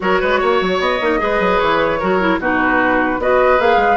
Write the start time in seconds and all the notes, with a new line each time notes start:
0.00 F#3 F#4 A#4 C#5
0.20 G#3 B4
0.39 A#3 C#5
0.61 F#3
0.79 B3 D#5
1.00 A#3 D#4
1.18 G#3 G#4 B4
1.39 F#3
1.59 E3 C#5
1.99 F#3 F#4 A#4
2.20 E4
2.38 B2 D#4 F#4 B4
3.18 B3 F#4 B4 D#5
3.58 A#3 G#4 F5
3.76 G#3